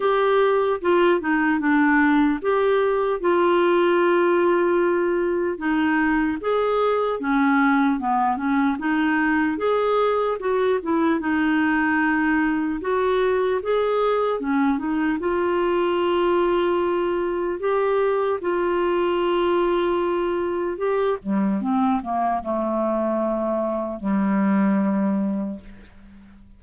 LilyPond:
\new Staff \with { instrumentName = "clarinet" } { \time 4/4 \tempo 4 = 75 g'4 f'8 dis'8 d'4 g'4 | f'2. dis'4 | gis'4 cis'4 b8 cis'8 dis'4 | gis'4 fis'8 e'8 dis'2 |
fis'4 gis'4 cis'8 dis'8 f'4~ | f'2 g'4 f'4~ | f'2 g'8 g8 c'8 ais8 | a2 g2 | }